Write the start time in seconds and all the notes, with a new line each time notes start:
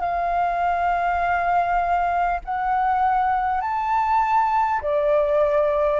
0.00 F5
2.44 F#5
3.61 A5
4.81 D5